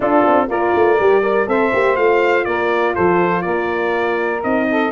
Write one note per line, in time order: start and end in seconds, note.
0.00 0.24 D4
0.00 0.49 D4
0.00 0.46 F4
0.00 0.50 A4
0.26 0.48 C4
0.48 0.73 A#3
0.48 0.98 F4
0.48 1.21 A#4
0.48 1.48 D5
0.75 0.99 A3
0.99 1.47 G3
0.99 1.23 G4
1.21 1.47 A#4
1.21 1.46 D5
1.47 1.72 C4
1.47 1.71 A4
1.47 2.45 C5
1.47 1.96 E5
1.72 1.97 A#3
1.72 1.96 G4
1.96 2.46 A3
1.96 4.42 F4
1.96 2.45 F5
2.45 2.95 A#3
2.45 2.93 A#4
2.45 2.94 D5
2.93 3.45 F3
2.93 3.42 A4
2.93 3.42 C5
3.42 4.43 A#3
3.42 4.66 A#4
3.42 4.40 D5
4.43 4.91 C4
4.43 4.91 D#4
4.43 4.91 D#5
4.70 4.91 A4